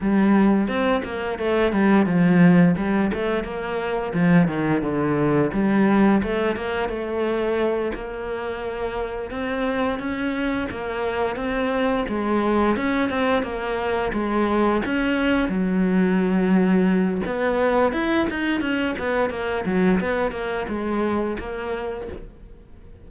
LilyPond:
\new Staff \with { instrumentName = "cello" } { \time 4/4 \tempo 4 = 87 g4 c'8 ais8 a8 g8 f4 | g8 a8 ais4 f8 dis8 d4 | g4 a8 ais8 a4. ais8~ | ais4. c'4 cis'4 ais8~ |
ais8 c'4 gis4 cis'8 c'8 ais8~ | ais8 gis4 cis'4 fis4.~ | fis4 b4 e'8 dis'8 cis'8 b8 | ais8 fis8 b8 ais8 gis4 ais4 | }